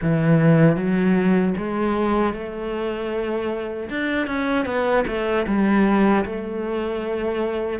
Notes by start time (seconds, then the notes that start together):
0.02 E3
0.76 F#3
1.57 G#3
2.33 A3
3.89 D4
4.26 C#4
4.65 B3
5.06 A3
5.47 G3
6.25 A3